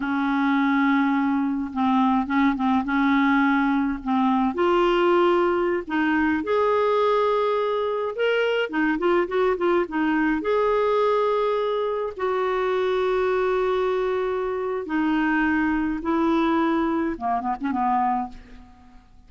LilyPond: \new Staff \with { instrumentName = "clarinet" } { \time 4/4 \tempo 4 = 105 cis'2. c'4 | cis'8 c'8 cis'2 c'4 | f'2~ f'16 dis'4 gis'8.~ | gis'2~ gis'16 ais'4 dis'8 f'16~ |
f'16 fis'8 f'8 dis'4 gis'4.~ gis'16~ | gis'4~ gis'16 fis'2~ fis'8.~ | fis'2 dis'2 | e'2 ais8 b16 cis'16 b4 | }